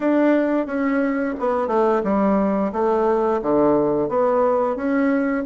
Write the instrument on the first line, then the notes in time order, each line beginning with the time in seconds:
bassoon
0.00 D4
0.66 C#4
1.39 B3
1.67 A3
2.03 G3
2.72 A3
3.42 D3
4.08 B3
4.75 C#4